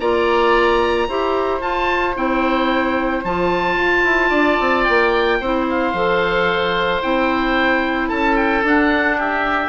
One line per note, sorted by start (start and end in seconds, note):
0.00 1.08 A#3
0.00 1.08 F4
0.00 1.08 D5
0.00 1.61 A#5
1.08 1.60 E4
1.08 1.60 G4
1.08 4.29 C5
1.60 2.14 F4
1.60 2.15 F4
1.60 2.15 A5
2.15 3.24 C4
2.15 3.23 E4
2.15 3.24 G5
3.24 3.76 F3
3.24 5.41 F4
3.24 4.84 A5
3.76 4.03 F4
4.03 4.30 E4
4.29 4.57 D4
4.29 5.37 D5
4.60 4.87 C4
4.84 5.40 A#3
4.84 5.65 G5
5.40 5.93 C4
5.40 5.95 E4
5.40 8.09 C5
5.69 7.02 F5
5.93 7.01 F3
5.93 7.02 A4
7.02 8.11 C4
7.02 8.64 E4
7.02 8.09 G5
8.09 8.63 C#4
8.09 9.17 A4
8.09 8.36 A5
8.36 8.63 G5
8.63 9.68 D4
8.63 9.20 F#5
9.17 9.68 G4
9.17 9.68 E5